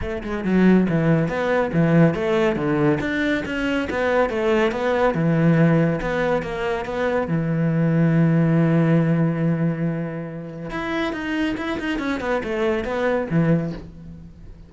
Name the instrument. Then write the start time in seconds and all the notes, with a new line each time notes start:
cello
0.01 A3
0.23 G#3
0.44 F#3
0.89 E3
1.28 B3
1.72 E3
2.14 A3
2.56 D3
3.00 D4
3.45 C#4
3.90 B3
4.29 A3
4.71 B3
5.14 E3
6.01 B3
6.42 A#3
6.85 B3
7.27 E3
10.70 E4
11.12 D#4
11.57 E4
11.79 D#4
11.98 C#4
12.20 B3
12.43 A3
12.84 B3
13.30 E3